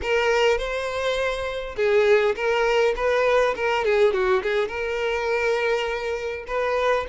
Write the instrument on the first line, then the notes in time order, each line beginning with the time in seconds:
violin
0.02 A#4
0.58 C5
1.76 G#4
2.35 A#4
2.96 B4
3.56 A#4
3.84 G#4
4.13 F#4
4.43 G#4
4.68 A#4
6.47 B4